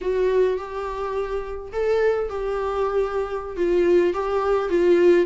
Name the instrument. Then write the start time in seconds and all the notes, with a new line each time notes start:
viola
0.01 F#4
0.57 G4
1.72 A4
2.29 G4
3.56 F4
4.13 G4
4.69 F4